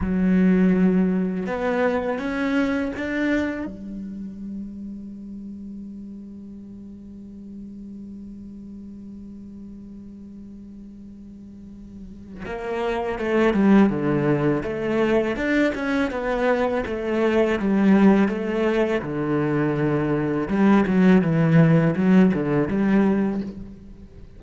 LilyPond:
\new Staff \with { instrumentName = "cello" } { \time 4/4 \tempo 4 = 82 fis2 b4 cis'4 | d'4 g2.~ | g1~ | g1~ |
g4 ais4 a8 g8 d4 | a4 d'8 cis'8 b4 a4 | g4 a4 d2 | g8 fis8 e4 fis8 d8 g4 | }